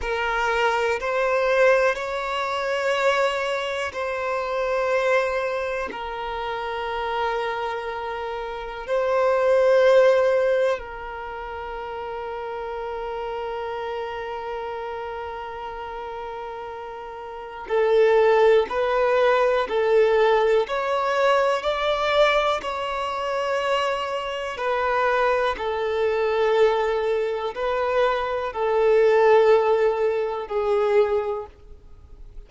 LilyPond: \new Staff \with { instrumentName = "violin" } { \time 4/4 \tempo 4 = 61 ais'4 c''4 cis''2 | c''2 ais'2~ | ais'4 c''2 ais'4~ | ais'1~ |
ais'2 a'4 b'4 | a'4 cis''4 d''4 cis''4~ | cis''4 b'4 a'2 | b'4 a'2 gis'4 | }